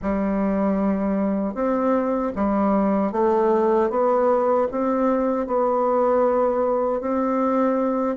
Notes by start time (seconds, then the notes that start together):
0.01 G3
1.54 C4
2.35 G3
3.12 A3
3.90 B3
4.71 C4
5.46 B3
7.01 C4